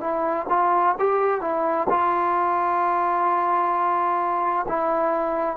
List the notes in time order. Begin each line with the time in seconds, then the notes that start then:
0.00 E4
0.49 F4
0.99 G4
1.41 E4
1.89 F4
4.68 E4